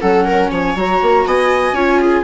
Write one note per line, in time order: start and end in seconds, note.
0.00 0.51 F#3
0.00 0.76 C#4
0.00 0.26 A4
0.00 0.50 F#5
0.26 0.51 A#4
0.51 0.75 F3
0.51 1.26 C#5
0.51 0.77 G#5
0.75 1.00 F#3
0.75 1.76 F#4
0.75 1.27 A#5
1.02 1.26 A#3
1.26 1.72 B3
1.26 1.75 D#5
1.26 2.24 G#5
1.72 2.22 C#4
1.72 2.24 F4
1.72 2.00 C#5
2.01 2.24 G#4